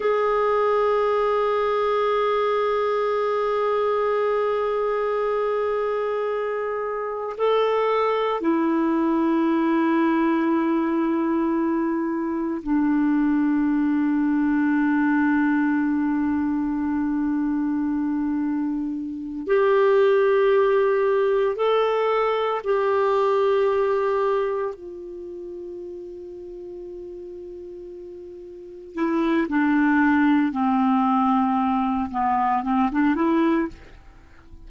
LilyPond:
\new Staff \with { instrumentName = "clarinet" } { \time 4/4 \tempo 4 = 57 gis'1~ | gis'2. a'4 | e'1 | d'1~ |
d'2~ d'8 g'4.~ | g'8 a'4 g'2 f'8~ | f'2.~ f'8 e'8 | d'4 c'4. b8 c'16 d'16 e'8 | }